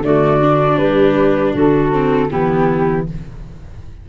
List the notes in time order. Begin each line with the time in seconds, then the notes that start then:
0.00 D3 A3 F#4 D5
0.42 D4
0.78 G3 G4 B4
1.54 D3 F#4 A4
1.92 C4
2.29 E3 B3 E4 G4